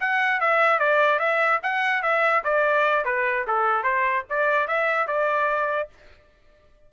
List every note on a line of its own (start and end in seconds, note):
0.00 0.40 F#5
0.40 0.79 E5
0.79 1.19 D5
1.19 1.60 E5
1.63 2.03 F#5
2.03 2.43 E5
2.44 3.05 D5
3.05 3.46 B4
3.47 3.83 A4
3.83 4.24 C5
4.30 4.68 D5
4.68 5.07 E5
5.07 5.89 D5